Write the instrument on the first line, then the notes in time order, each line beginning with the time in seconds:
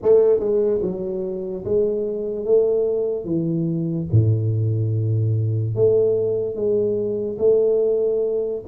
tuba
0.02 A3
0.39 G#3
0.82 F#3
1.64 G#3
2.45 A3
3.25 E3
4.11 A2
5.75 A3
6.55 G#3
7.38 A3